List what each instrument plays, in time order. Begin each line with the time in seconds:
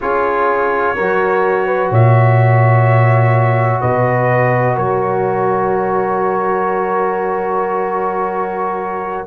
0.01 tuba C#4, trombone F4, horn G#4, trumpet C#5
0.95 tuba F#3, trombone F#4, horn A#4
1.66 horn B4
1.90 tuba A#2, horn C#5, trumpet E5
3.80 tuba B2, horn B4, trumpet D#5
4.75 tuba F#3, horn A#4, trumpet C#5